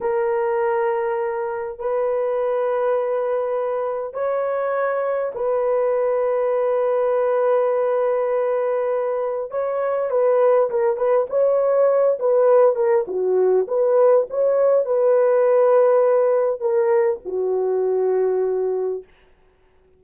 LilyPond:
\new Staff \with { instrumentName = "horn" } { \time 4/4 \tempo 4 = 101 ais'2. b'4~ | b'2. cis''4~ | cis''4 b'2.~ | b'1 |
cis''4 b'4 ais'8 b'8 cis''4~ | cis''8 b'4 ais'8 fis'4 b'4 | cis''4 b'2. | ais'4 fis'2. | }